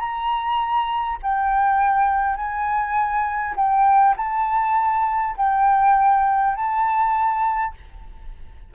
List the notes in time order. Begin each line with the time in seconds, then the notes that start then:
0.00 A#5
1.23 G5
2.37 G#5
3.56 G5
4.17 A5
5.37 G5
6.56 A5